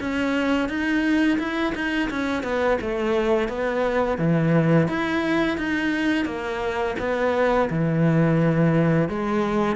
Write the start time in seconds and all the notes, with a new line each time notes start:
0.00 C#4
0.69 D#4
1.39 E4
1.75 D#4
2.10 C#4
2.43 B3
2.81 A3
3.49 B3
4.18 E3
4.88 E4
5.58 D#4
6.25 A#3
6.99 B3
7.70 E3
9.09 G#3